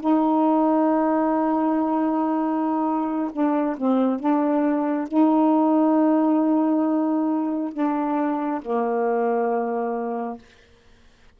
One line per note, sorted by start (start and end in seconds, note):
0.00 3.31 D#4
3.32 3.76 D4
3.77 4.20 C4
4.20 5.08 D4
5.08 7.72 D#4
7.72 8.61 D4
8.61 10.38 A#3